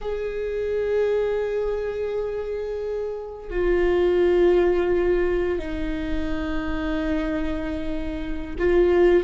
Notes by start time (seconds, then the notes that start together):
0.01 G#4
3.50 F4
5.58 D#4
8.58 F4